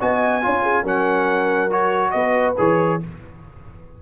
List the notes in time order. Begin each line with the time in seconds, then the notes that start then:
0.00 B3 F#4 D#5 G#5
0.42 C#4 F4 C#5
0.63 G#4
0.83 F#3 C#4 A#4 F#5
1.70 F#4 C#5
2.11 B3 B4 D#5
2.58 E3 G#4 C#5